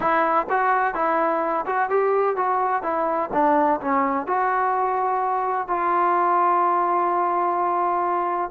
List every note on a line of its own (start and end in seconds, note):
0.00 0.46 E4
0.49 0.94 F#4
0.94 1.65 E4
1.65 1.89 F#4
1.89 2.36 G4
2.36 2.82 F#4
2.82 3.29 E4
3.33 3.80 D4
3.80 4.26 C#4
4.26 5.67 F#4
5.67 8.50 F4